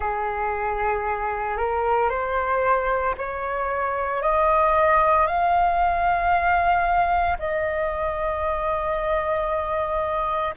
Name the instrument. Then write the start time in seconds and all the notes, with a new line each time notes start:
flute
0.00 G#4
1.57 A#4
2.09 C5
3.17 C#5
4.22 D#5
5.26 F5
7.38 D#5